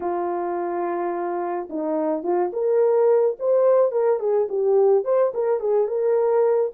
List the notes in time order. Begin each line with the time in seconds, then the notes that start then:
0.00 F4
1.69 D#4
2.23 F4
2.53 A#4
3.39 C5
3.91 A#4
4.19 G#4
4.49 G4
5.04 C5
5.33 A#4
5.59 G#4
5.87 A#4